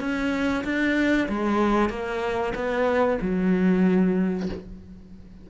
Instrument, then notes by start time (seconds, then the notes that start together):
cello
0.00 C#4
0.64 D4
1.29 G#3
1.90 A#3
2.55 B3
3.21 F#3